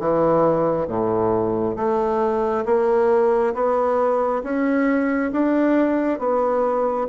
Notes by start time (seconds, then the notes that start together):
0.00 E3
0.88 A2
1.77 A3
2.66 A#3
3.55 B3
4.44 C#4
5.33 D4
6.20 B3